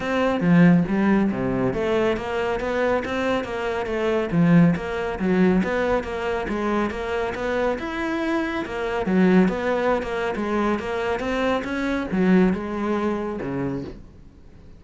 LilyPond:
\new Staff \with { instrumentName = "cello" } { \time 4/4 \tempo 4 = 139 c'4 f4 g4 c4 | a4 ais4 b4 c'4 | ais4 a4 f4 ais4 | fis4 b4 ais4 gis4 |
ais4 b4 e'2 | ais4 fis4 b4~ b16 ais8. | gis4 ais4 c'4 cis'4 | fis4 gis2 cis4 | }